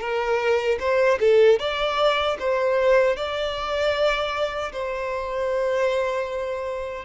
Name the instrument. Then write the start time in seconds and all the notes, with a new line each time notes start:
violin
0.00 A#4
0.79 C5
1.20 A4
1.59 D5
2.39 C5
3.16 D5
4.72 C5